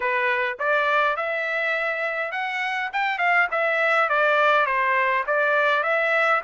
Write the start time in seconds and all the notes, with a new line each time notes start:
0.00 B4
0.59 D5
1.16 E5
2.31 F#5
2.92 G5
3.18 F5
3.51 E5
4.09 D5
4.65 C5
5.26 D5
5.83 E5